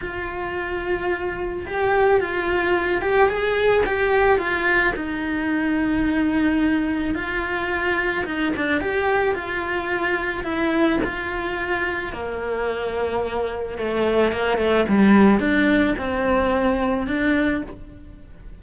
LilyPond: \new Staff \with { instrumentName = "cello" } { \time 4/4 \tempo 4 = 109 f'2. g'4 | f'4. g'8 gis'4 g'4 | f'4 dis'2.~ | dis'4 f'2 dis'8 d'8 |
g'4 f'2 e'4 | f'2 ais2~ | ais4 a4 ais8 a8 g4 | d'4 c'2 d'4 | }